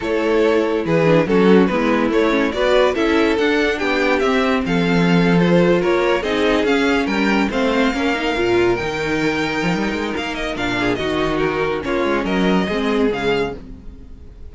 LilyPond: <<
  \new Staff \with { instrumentName = "violin" } { \time 4/4 \tempo 4 = 142 cis''2 b'4 a'4 | b'4 cis''4 d''4 e''4 | fis''4 g''4 e''4 f''4~ | f''8. c''4 cis''4 dis''4 f''16~ |
f''8. g''4 f''2~ f''16~ | f''8. g''2.~ g''16 | f''8 dis''8 f''4 dis''4 ais'4 | cis''4 dis''2 f''4 | }
  \new Staff \with { instrumentName = "violin" } { \time 4/4 a'2 gis'4 fis'4 | e'2 b'4 a'4~ | a'4 g'2 a'4~ | a'4.~ a'16 ais'4 gis'4~ gis'16~ |
gis'8. ais'4 c''4 ais'4~ ais'16~ | ais'1~ | ais'4. gis'8 fis'2 | f'4 ais'4 gis'2 | }
  \new Staff \with { instrumentName = "viola" } { \time 4/4 e'2~ e'8 d'8 cis'4 | b4 a8 cis'8 fis'4 e'4 | d'2 c'2~ | c'8. f'2 dis'4 cis'16~ |
cis'4.~ cis'16 c'4 cis'8 dis'8 f'16~ | f'8. dis'2.~ dis'16~ | dis'4 d'4 dis'2 | cis'2 c'4 gis4 | }
  \new Staff \with { instrumentName = "cello" } { \time 4/4 a2 e4 fis4 | gis4 a4 b4 cis'4 | d'4 b4 c'4 f4~ | f4.~ f16 ais4 c'4 cis'16~ |
cis'8. g4 a4 ais4 ais,16~ | ais,8. dis2 f16 g8 gis8 | ais4 ais,4 dis2 | ais8 gis8 fis4 gis4 cis4 | }
>>